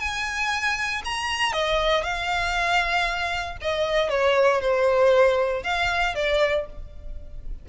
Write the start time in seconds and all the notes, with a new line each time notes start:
0.00 G#5
1.05 A#5
1.53 D#5
2.04 F5
3.62 D#5
4.10 C#5
4.62 C5
5.64 F5
6.15 D5